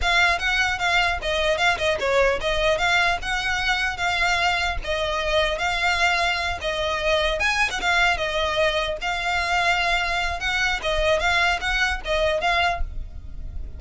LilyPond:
\new Staff \with { instrumentName = "violin" } { \time 4/4 \tempo 4 = 150 f''4 fis''4 f''4 dis''4 | f''8 dis''8 cis''4 dis''4 f''4 | fis''2 f''2 | dis''2 f''2~ |
f''8 dis''2 gis''8. fis''16 f''8~ | f''8 dis''2 f''4.~ | f''2 fis''4 dis''4 | f''4 fis''4 dis''4 f''4 | }